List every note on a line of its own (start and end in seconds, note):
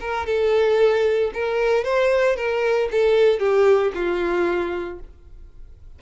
0.00 0.26 A#4
0.26 1.31 A4
1.33 1.84 A#4
1.84 2.36 C5
2.36 2.89 A#4
2.91 3.39 A4
3.39 3.92 G4
3.94 4.99 F4